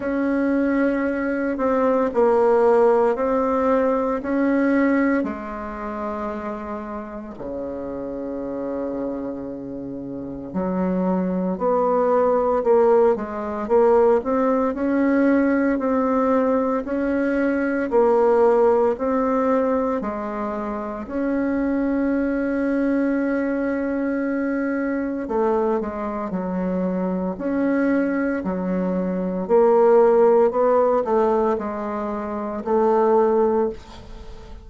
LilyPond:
\new Staff \with { instrumentName = "bassoon" } { \time 4/4 \tempo 4 = 57 cis'4. c'8 ais4 c'4 | cis'4 gis2 cis4~ | cis2 fis4 b4 | ais8 gis8 ais8 c'8 cis'4 c'4 |
cis'4 ais4 c'4 gis4 | cis'1 | a8 gis8 fis4 cis'4 fis4 | ais4 b8 a8 gis4 a4 | }